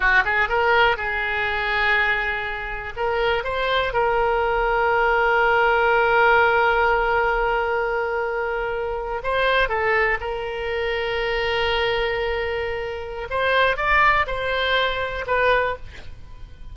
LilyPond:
\new Staff \with { instrumentName = "oboe" } { \time 4/4 \tempo 4 = 122 fis'8 gis'8 ais'4 gis'2~ | gis'2 ais'4 c''4 | ais'1~ | ais'1~ |
ais'2~ ais'8. c''4 a'16~ | a'8. ais'2.~ ais'16~ | ais'2. c''4 | d''4 c''2 b'4 | }